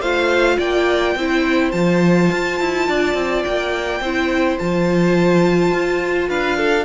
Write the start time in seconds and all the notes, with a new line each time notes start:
0.00 A3 F4 C5 F5
0.58 A#3 D5 G5
1.15 C4 E4 C5
1.71 F3 F4 A5
2.32 F4
2.60 E4
2.89 D4 D5
3.14 C4
3.44 A#3 G5
4.01 C4 E4 C5
4.58 F3 F4 A5
5.72 F4
6.29 D4 B4 F5
6.58 A4